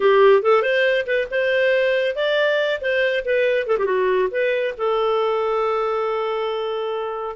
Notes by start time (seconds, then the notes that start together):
0.00 G4
0.42 A4
0.62 C5
1.06 B4
1.30 C5
2.15 D5
2.81 C5
3.25 B4
3.67 A4
3.78 G4
3.85 F#4
4.31 B4
4.77 A4